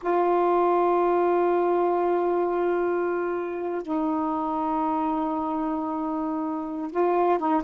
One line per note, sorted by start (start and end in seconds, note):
0.02 3.82 F4
3.82 6.91 D#4
6.91 7.38 F4
7.38 7.62 D#4